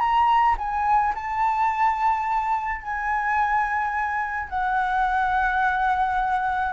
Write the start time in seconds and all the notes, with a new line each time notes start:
0.00 A#5
0.58 G#5
1.15 A5
2.82 G#5
4.49 F#5